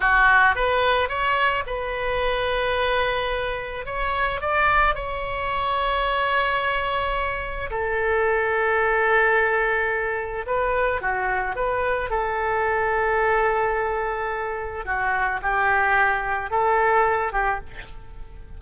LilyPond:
\new Staff \with { instrumentName = "oboe" } { \time 4/4 \tempo 4 = 109 fis'4 b'4 cis''4 b'4~ | b'2. cis''4 | d''4 cis''2.~ | cis''2 a'2~ |
a'2. b'4 | fis'4 b'4 a'2~ | a'2. fis'4 | g'2 a'4. g'8 | }